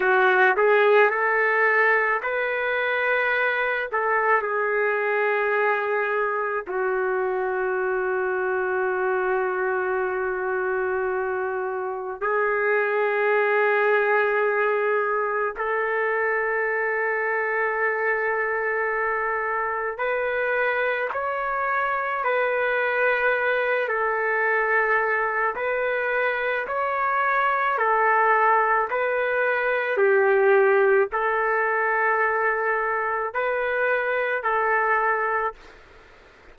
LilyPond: \new Staff \with { instrumentName = "trumpet" } { \time 4/4 \tempo 4 = 54 fis'8 gis'8 a'4 b'4. a'8 | gis'2 fis'2~ | fis'2. gis'4~ | gis'2 a'2~ |
a'2 b'4 cis''4 | b'4. a'4. b'4 | cis''4 a'4 b'4 g'4 | a'2 b'4 a'4 | }